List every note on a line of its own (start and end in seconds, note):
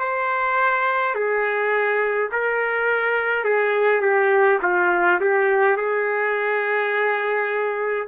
0.00 1.15 C5
1.15 2.30 G#4
2.32 3.45 A#4
3.45 4.01 G#4
4.01 4.59 G4
4.63 5.20 F4
5.20 5.77 G4
5.77 8.08 G#4